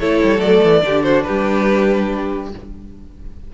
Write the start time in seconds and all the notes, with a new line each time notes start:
0.00 A3 E4 A4 C#5
0.23 G3
0.39 F#3 A3 D5
0.64 E3
0.82 D3 D4 G4
1.04 F#4 C5
1.23 G4 B4
1.29 G3